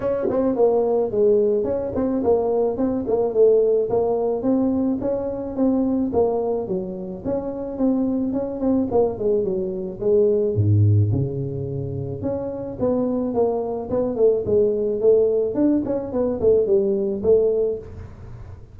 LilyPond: \new Staff \with { instrumentName = "tuba" } { \time 4/4 \tempo 4 = 108 cis'8 c'8 ais4 gis4 cis'8 c'8 | ais4 c'8 ais8 a4 ais4 | c'4 cis'4 c'4 ais4 | fis4 cis'4 c'4 cis'8 c'8 |
ais8 gis8 fis4 gis4 gis,4 | cis2 cis'4 b4 | ais4 b8 a8 gis4 a4 | d'8 cis'8 b8 a8 g4 a4 | }